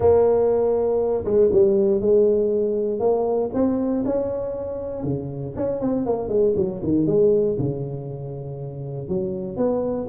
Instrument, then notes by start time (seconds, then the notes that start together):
tuba
0.00 A#3
1.25 G#3
1.52 G3
2.00 G#3
2.99 A#3
3.53 C4
4.05 C#4
5.03 C#3
5.56 C#4
5.80 C4
6.06 A#3
6.28 G#3
6.56 F#3
6.83 D#3
7.06 G#3
7.58 C#3
9.08 F#3
9.56 B3